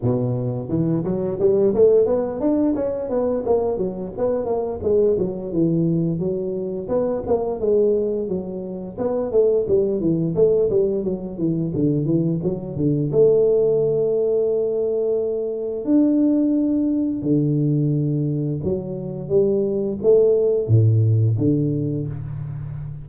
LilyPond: \new Staff \with { instrumentName = "tuba" } { \time 4/4 \tempo 4 = 87 b,4 e8 fis8 g8 a8 b8 d'8 | cis'8 b8 ais8 fis8 b8 ais8 gis8 fis8 | e4 fis4 b8 ais8 gis4 | fis4 b8 a8 g8 e8 a8 g8 |
fis8 e8 d8 e8 fis8 d8 a4~ | a2. d'4~ | d'4 d2 fis4 | g4 a4 a,4 d4 | }